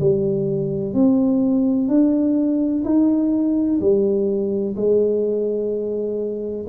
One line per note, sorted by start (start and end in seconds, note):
0.00 0.94 G3
0.94 1.88 C4
1.88 2.84 D4
2.85 3.80 D#4
3.81 4.76 G3
4.76 6.67 G#3